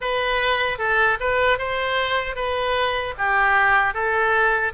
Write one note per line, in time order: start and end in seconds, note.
0.00 0.78 B4
0.78 1.18 A4
1.19 1.58 B4
1.58 2.35 C5
2.35 3.14 B4
3.18 3.94 G4
3.94 4.73 A4